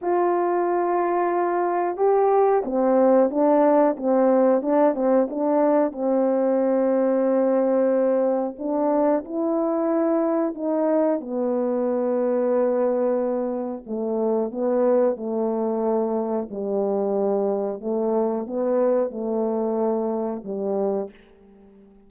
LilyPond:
\new Staff \with { instrumentName = "horn" } { \time 4/4 \tempo 4 = 91 f'2. g'4 | c'4 d'4 c'4 d'8 c'8 | d'4 c'2.~ | c'4 d'4 e'2 |
dis'4 b2.~ | b4 a4 b4 a4~ | a4 g2 a4 | b4 a2 g4 | }